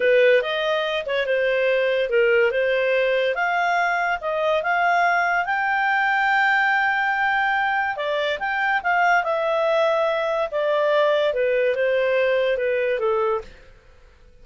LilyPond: \new Staff \with { instrumentName = "clarinet" } { \time 4/4 \tempo 4 = 143 b'4 dis''4. cis''8 c''4~ | c''4 ais'4 c''2 | f''2 dis''4 f''4~ | f''4 g''2.~ |
g''2. d''4 | g''4 f''4 e''2~ | e''4 d''2 b'4 | c''2 b'4 a'4 | }